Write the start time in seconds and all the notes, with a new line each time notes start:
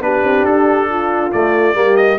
0.00 B3 D4 G4 B4
0.23 C4
0.45 D4 A4
0.89 F4
1.31 A3 D5
1.74 G3 A#3 G4
1.96 D#5